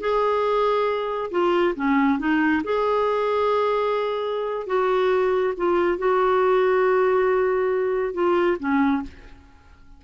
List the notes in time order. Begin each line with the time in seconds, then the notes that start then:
0.00 G#4
1.31 F4
1.75 C#4
2.19 D#4
2.63 G#4
4.67 F#4
5.57 F4
5.98 F#4
8.14 F4
8.59 C#4